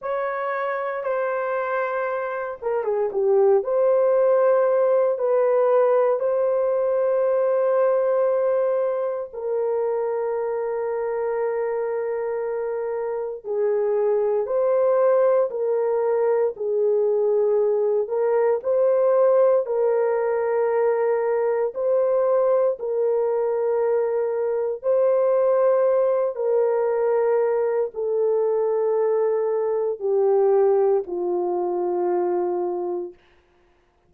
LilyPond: \new Staff \with { instrumentName = "horn" } { \time 4/4 \tempo 4 = 58 cis''4 c''4. ais'16 gis'16 g'8 c''8~ | c''4 b'4 c''2~ | c''4 ais'2.~ | ais'4 gis'4 c''4 ais'4 |
gis'4. ais'8 c''4 ais'4~ | ais'4 c''4 ais'2 | c''4. ais'4. a'4~ | a'4 g'4 f'2 | }